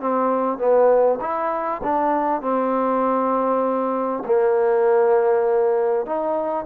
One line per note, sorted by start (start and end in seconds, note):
0.00 0.58 C4
0.58 1.18 B3
1.20 1.81 E4
1.83 2.41 D4
2.41 4.23 C4
4.25 6.06 A#3
6.06 6.65 D#4